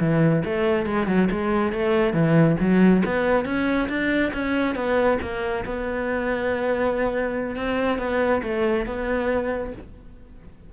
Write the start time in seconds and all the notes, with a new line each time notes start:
0.00 E3
0.45 A3
0.86 G#3
1.07 F#3
1.31 G#3
1.72 A3
2.13 E3
2.60 F#3
3.05 B3
3.45 C#4
3.89 D4
4.33 C#4
4.75 B3
5.22 A#3
5.65 B3
7.56 C4
7.98 B3
8.43 A3
8.86 B3